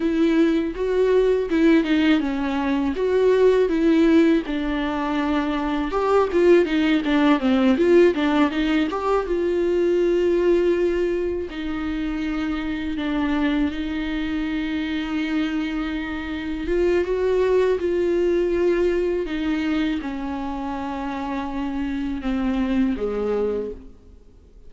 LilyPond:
\new Staff \with { instrumentName = "viola" } { \time 4/4 \tempo 4 = 81 e'4 fis'4 e'8 dis'8 cis'4 | fis'4 e'4 d'2 | g'8 f'8 dis'8 d'8 c'8 f'8 d'8 dis'8 | g'8 f'2. dis'8~ |
dis'4. d'4 dis'4.~ | dis'2~ dis'8 f'8 fis'4 | f'2 dis'4 cis'4~ | cis'2 c'4 gis4 | }